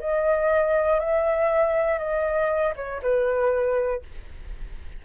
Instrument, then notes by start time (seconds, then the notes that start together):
flute
0.00 D#5
1.00 E5
1.99 D#5
2.76 C#5
3.02 B4